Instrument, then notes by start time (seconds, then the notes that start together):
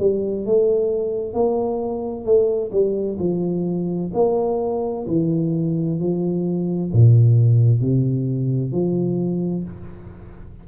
tuba
0.00 G3
0.46 A3
1.34 A#3
2.26 A3
2.72 G3
3.20 F3
4.14 A#3
5.08 E3
6.00 F3
6.93 A#2
7.81 C3
8.72 F3